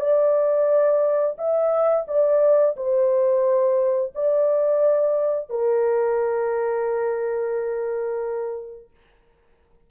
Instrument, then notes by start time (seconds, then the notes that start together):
horn
0.00 D5
1.38 E5
2.08 D5
2.76 C5
4.15 D5
5.49 A#4